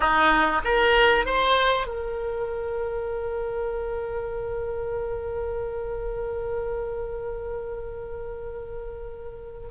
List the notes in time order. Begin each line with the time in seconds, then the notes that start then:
0.00 D#4
0.64 A#4
1.25 C5
1.86 A#4